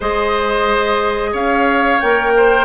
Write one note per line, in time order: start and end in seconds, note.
0.00 1.33 G#3
0.00 2.00 G#4
0.00 1.30 C5
0.00 1.34 D#5
1.32 2.00 C#4
1.32 2.32 C#5
1.32 2.00 F5
2.00 2.65 A#3
2.00 2.65 A#4
2.00 2.65 G5
2.36 2.65 C5